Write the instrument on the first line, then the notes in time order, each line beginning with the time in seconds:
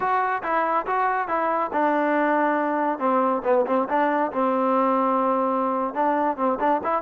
trombone
0.00 F#4
0.42 E4
0.86 F#4
1.27 E4
1.72 D4
2.98 C4
3.43 B3
3.66 C4
3.88 D4
4.32 C4
5.94 D4
6.36 C4
6.59 D4
6.83 E4